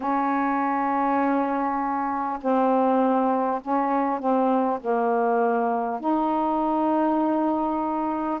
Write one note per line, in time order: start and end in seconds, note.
0.00 2.38 C#4
2.41 3.61 C4
3.61 4.19 C#4
4.19 4.79 C4
4.81 6.00 A#3
6.00 8.40 D#4